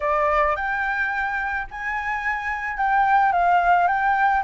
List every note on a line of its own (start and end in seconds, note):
0.00 0.56 D5
0.56 1.67 G5
1.70 2.77 G#5
2.77 3.32 G5
3.32 3.87 F5
3.87 4.43 G5